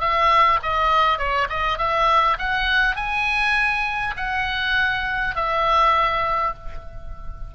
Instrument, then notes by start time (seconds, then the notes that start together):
oboe
0.00 E5
0.62 D#5
1.18 C#5
1.49 D#5
1.78 E5
2.38 F#5
2.95 G#5
4.16 F#5
5.35 E5